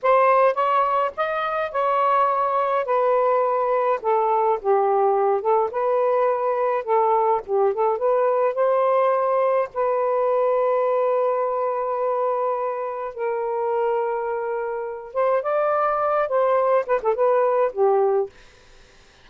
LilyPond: \new Staff \with { instrumentName = "saxophone" } { \time 4/4 \tempo 4 = 105 c''4 cis''4 dis''4 cis''4~ | cis''4 b'2 a'4 | g'4. a'8 b'2 | a'4 g'8 a'8 b'4 c''4~ |
c''4 b'2.~ | b'2. ais'4~ | ais'2~ ais'8 c''8 d''4~ | d''8 c''4 b'16 a'16 b'4 g'4 | }